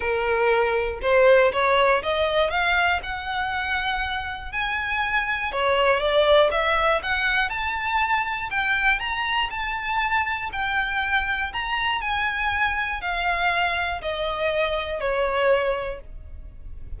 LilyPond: \new Staff \with { instrumentName = "violin" } { \time 4/4 \tempo 4 = 120 ais'2 c''4 cis''4 | dis''4 f''4 fis''2~ | fis''4 gis''2 cis''4 | d''4 e''4 fis''4 a''4~ |
a''4 g''4 ais''4 a''4~ | a''4 g''2 ais''4 | gis''2 f''2 | dis''2 cis''2 | }